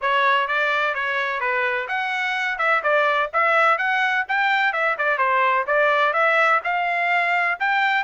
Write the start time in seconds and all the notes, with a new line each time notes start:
0.01 C#5
0.47 D5
0.94 C#5
1.40 B4
1.87 F#5
2.58 E5
2.83 D5
3.33 E5
3.78 F#5
4.28 G5
4.72 E5
4.98 D5
5.18 C5
5.66 D5
6.13 E5
6.64 F5
7.59 G5